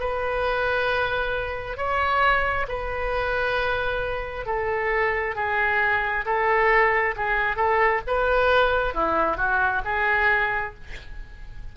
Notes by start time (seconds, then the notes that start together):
0.00 B4
1.77 C#5
2.68 B4
4.46 A4
5.36 G#4
6.25 A4
7.16 G#4
7.56 A4
8.07 B4
8.94 E4
9.37 F#4
9.85 G#4